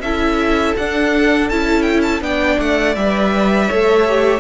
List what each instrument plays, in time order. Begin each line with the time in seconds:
0.00 cello C#4, viola E4, violin A4 E5
0.77 cello D4, viola D4, violin F#5
1.49 cello C#4, viola E4, violin A5
1.82 violin G5
2.02 violin A5
2.21 cello B3, viola D4, violin D5 G5
2.59 cello A3, violin F#5
2.95 cello G3, viola B4, violin E5
3.68 cello A3, viola A4, violin C#5
4.07 viola G4